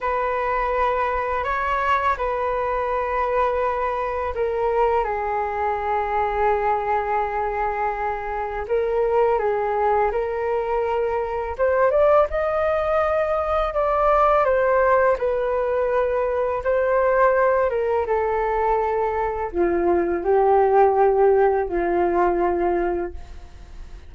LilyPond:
\new Staff \with { instrumentName = "flute" } { \time 4/4 \tempo 4 = 83 b'2 cis''4 b'4~ | b'2 ais'4 gis'4~ | gis'1 | ais'4 gis'4 ais'2 |
c''8 d''8 dis''2 d''4 | c''4 b'2 c''4~ | c''8 ais'8 a'2 f'4 | g'2 f'2 | }